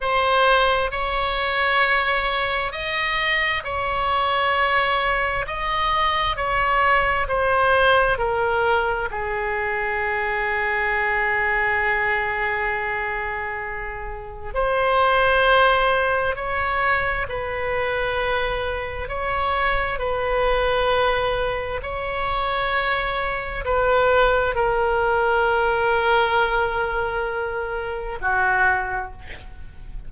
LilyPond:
\new Staff \with { instrumentName = "oboe" } { \time 4/4 \tempo 4 = 66 c''4 cis''2 dis''4 | cis''2 dis''4 cis''4 | c''4 ais'4 gis'2~ | gis'1 |
c''2 cis''4 b'4~ | b'4 cis''4 b'2 | cis''2 b'4 ais'4~ | ais'2. fis'4 | }